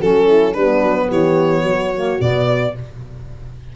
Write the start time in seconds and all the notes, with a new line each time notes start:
0.00 F#3 C#4 F#4 A4
0.28 E4
0.54 G3 B3 D4 B4
0.82 F#3
1.08 E3 G4 C#5
1.63 F#3 F#4
1.95 A#3
2.20 B2 B3 D5